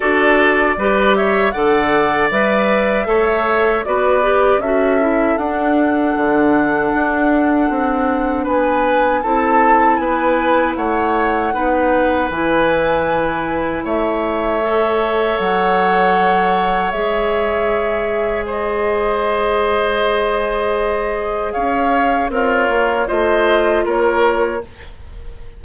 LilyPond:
<<
  \new Staff \with { instrumentName = "flute" } { \time 4/4 \tempo 4 = 78 d''4. e''8 fis''4 e''4~ | e''4 d''4 e''4 fis''4~ | fis''2. gis''4 | a''4 gis''4 fis''2 |
gis''2 e''2 | fis''2 e''2 | dis''1 | f''4 cis''4 dis''4 cis''4 | }
  \new Staff \with { instrumentName = "oboe" } { \time 4/4 a'4 b'8 cis''8 d''2 | cis''4 b'4 a'2~ | a'2. b'4 | a'4 b'4 cis''4 b'4~ |
b'2 cis''2~ | cis''1 | c''1 | cis''4 f'4 c''4 ais'4 | }
  \new Staff \with { instrumentName = "clarinet" } { \time 4/4 fis'4 g'4 a'4 b'4 | a'4 fis'8 g'8 fis'8 e'8 d'4~ | d'1 | e'2. dis'4 |
e'2. a'4~ | a'2 gis'2~ | gis'1~ | gis'4 ais'4 f'2 | }
  \new Staff \with { instrumentName = "bassoon" } { \time 4/4 d'4 g4 d4 g4 | a4 b4 cis'4 d'4 | d4 d'4 c'4 b4 | c'4 b4 a4 b4 |
e2 a2 | fis2 gis2~ | gis1 | cis'4 c'8 ais8 a4 ais4 | }
>>